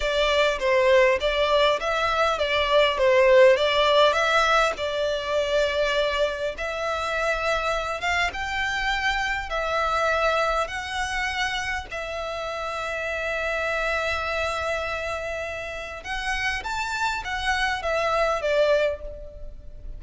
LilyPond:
\new Staff \with { instrumentName = "violin" } { \time 4/4 \tempo 4 = 101 d''4 c''4 d''4 e''4 | d''4 c''4 d''4 e''4 | d''2. e''4~ | e''4. f''8 g''2 |
e''2 fis''2 | e''1~ | e''2. fis''4 | a''4 fis''4 e''4 d''4 | }